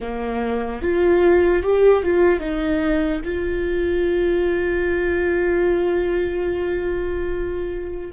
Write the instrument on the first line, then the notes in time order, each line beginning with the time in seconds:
viola
0.00 A#3
0.82 F4
1.63 G4
2.03 F4
2.39 D#4
3.24 F4